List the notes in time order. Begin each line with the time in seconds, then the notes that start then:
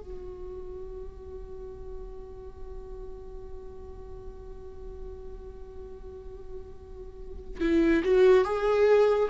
0.00 F#4
7.61 E4
8.04 F#4
8.44 G#4